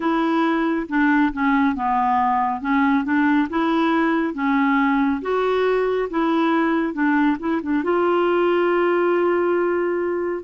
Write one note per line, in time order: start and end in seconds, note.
0.00 0.86 E4
0.89 1.32 D4
1.32 1.75 C#4
1.75 2.60 B3
2.60 3.04 C#4
3.04 3.47 D4
3.49 4.34 E4
4.34 5.21 C#4
5.21 6.08 F#4
6.09 6.93 E4
6.93 7.37 D4
7.39 7.61 E4
7.62 7.83 D4
7.83 10.43 F4